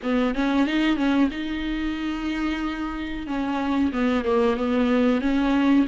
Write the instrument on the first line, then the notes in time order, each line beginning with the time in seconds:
viola
0.02 B3
0.34 C#4
0.66 D#4
0.96 C#4
1.30 D#4
3.26 C#4
3.92 B3
4.24 A#3
4.56 B3
5.21 C#4